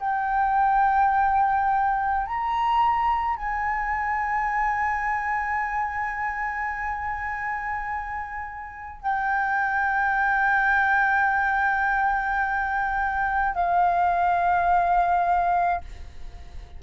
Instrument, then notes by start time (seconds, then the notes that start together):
flute
0.00 G5
2.26 A#5
3.37 G#5
9.03 G5
13.55 F5